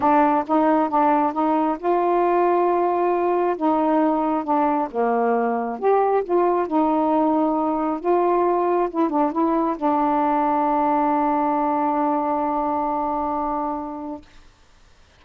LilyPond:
\new Staff \with { instrumentName = "saxophone" } { \time 4/4 \tempo 4 = 135 d'4 dis'4 d'4 dis'4 | f'1 | dis'2 d'4 ais4~ | ais4 g'4 f'4 dis'4~ |
dis'2 f'2 | e'8 d'8 e'4 d'2~ | d'1~ | d'1 | }